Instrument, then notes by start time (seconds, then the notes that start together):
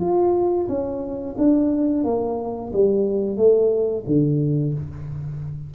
tuba
0.00 F4
0.68 C#4
1.38 D4
2.04 A#3
2.73 G3
3.37 A3
4.06 D3